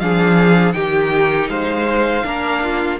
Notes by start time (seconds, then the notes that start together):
0.00 F3 D4 G#4 F5
0.73 D#3 D#4 G4 G5
1.49 G#3 C5 F5
2.25 A#3 D4 A#4
2.64 F4